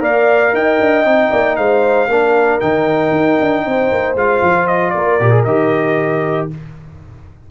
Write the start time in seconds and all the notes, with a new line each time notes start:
0.00 A#3 A#4 D5 F5
0.53 D#4 D#5 G5
0.80 D4
1.05 C4 D#4
1.31 A#3 D5
1.56 G#3 C5 F5
2.08 A#3 D4 A#4
2.60 D#3 D#4 G5
3.11 D#4
3.41 D4
3.66 C4 C5
3.92 A#3
4.15 G#3 F4 F5
4.42 F3
4.67 D#5
4.90 A#3 A#4 D5
5.20 A#2 G4
5.31 G#4
5.45 D#3 G4 D#5